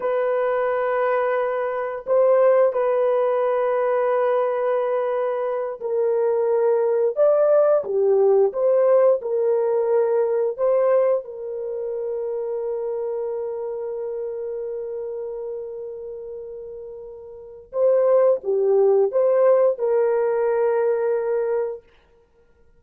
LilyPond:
\new Staff \with { instrumentName = "horn" } { \time 4/4 \tempo 4 = 88 b'2. c''4 | b'1~ | b'8 ais'2 d''4 g'8~ | g'8 c''4 ais'2 c''8~ |
c''8 ais'2.~ ais'8~ | ais'1~ | ais'2 c''4 g'4 | c''4 ais'2. | }